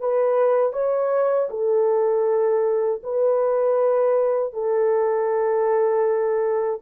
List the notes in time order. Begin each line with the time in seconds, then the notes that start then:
0.00 B4
0.73 C#5
1.50 A4
3.03 B4
4.53 A4